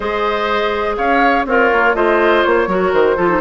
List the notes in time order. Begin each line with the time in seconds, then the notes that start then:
0.00 G#3 G#4 C5 D#5
0.96 C#4 C#5 F5
1.45 C4 F4 A#4 C#5
1.72 A#3
1.94 A3 F4 C5 D#5
2.43 A#3 C#5
2.67 F#3 F#4 A#4
2.92 D#3 C5
3.16 F3 F4 A4
3.29 D#4